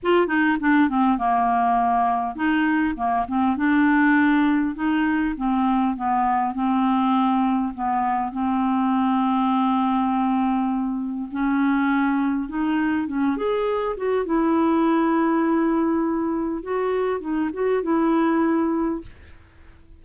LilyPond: \new Staff \with { instrumentName = "clarinet" } { \time 4/4 \tempo 4 = 101 f'8 dis'8 d'8 c'8 ais2 | dis'4 ais8 c'8 d'2 | dis'4 c'4 b4 c'4~ | c'4 b4 c'2~ |
c'2. cis'4~ | cis'4 dis'4 cis'8 gis'4 fis'8 | e'1 | fis'4 dis'8 fis'8 e'2 | }